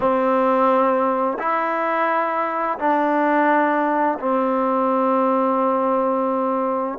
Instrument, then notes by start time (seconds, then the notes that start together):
trombone
0.00 C4
1.38 E4
2.78 D4
4.19 C4